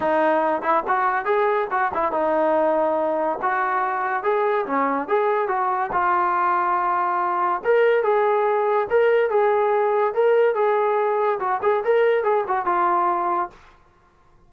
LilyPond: \new Staff \with { instrumentName = "trombone" } { \time 4/4 \tempo 4 = 142 dis'4. e'8 fis'4 gis'4 | fis'8 e'8 dis'2. | fis'2 gis'4 cis'4 | gis'4 fis'4 f'2~ |
f'2 ais'4 gis'4~ | gis'4 ais'4 gis'2 | ais'4 gis'2 fis'8 gis'8 | ais'4 gis'8 fis'8 f'2 | }